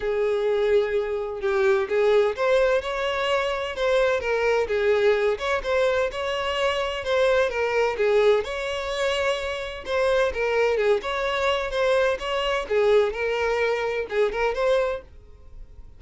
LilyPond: \new Staff \with { instrumentName = "violin" } { \time 4/4 \tempo 4 = 128 gis'2. g'4 | gis'4 c''4 cis''2 | c''4 ais'4 gis'4. cis''8 | c''4 cis''2 c''4 |
ais'4 gis'4 cis''2~ | cis''4 c''4 ais'4 gis'8 cis''8~ | cis''4 c''4 cis''4 gis'4 | ais'2 gis'8 ais'8 c''4 | }